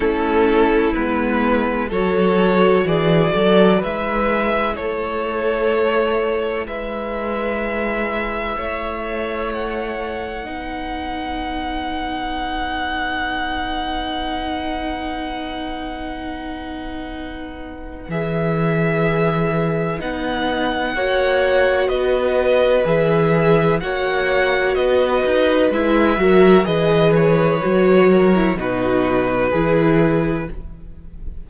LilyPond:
<<
  \new Staff \with { instrumentName = "violin" } { \time 4/4 \tempo 4 = 63 a'4 b'4 cis''4 d''4 | e''4 cis''2 e''4~ | e''2 fis''2~ | fis''1~ |
fis''2. e''4~ | e''4 fis''2 dis''4 | e''4 fis''4 dis''4 e''4 | dis''8 cis''4. b'2 | }
  \new Staff \with { instrumentName = "violin" } { \time 4/4 e'2 a'4 gis'8 a'8 | b'4 a'2 b'4~ | b'4 cis''2 b'4~ | b'1~ |
b'1~ | b'2 cis''4 b'4~ | b'4 cis''4 b'4. ais'8 | b'4. ais'8 fis'4 gis'4 | }
  \new Staff \with { instrumentName = "viola" } { \time 4/4 cis'4 b4 fis'2 | e'1~ | e'2. dis'4~ | dis'1~ |
dis'2. gis'4~ | gis'4 dis'4 fis'2 | gis'4 fis'2 e'8 fis'8 | gis'4 fis'8. e'16 dis'4 e'4 | }
  \new Staff \with { instrumentName = "cello" } { \time 4/4 a4 gis4 fis4 e8 fis8 | gis4 a2 gis4~ | gis4 a2 b4~ | b1~ |
b2. e4~ | e4 b4 ais4 b4 | e4 ais4 b8 dis'8 gis8 fis8 | e4 fis4 b,4 e4 | }
>>